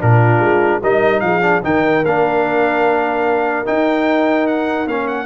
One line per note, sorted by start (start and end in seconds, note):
0.00 0.39 A#2
0.00 0.81 D4
0.00 0.81 F4
0.00 0.82 A#4
0.39 0.80 G#3
0.81 1.21 G3
0.81 1.42 D#4
0.81 1.21 A#4
0.81 1.20 D#5
1.20 1.62 F3
1.20 1.64 G#4
1.20 1.60 F5
1.42 1.62 D4
1.62 2.04 D#3
1.62 2.03 D#4
1.62 5.25 A#4
1.62 2.04 G5
2.04 3.66 A#3
2.04 3.65 D4
2.04 3.66 F5
3.65 4.86 D#4
3.65 4.47 G5
4.47 4.87 F#5
4.86 5.25 A#3
4.86 5.25 C#4
4.86 5.07 F5
5.07 5.25 F#5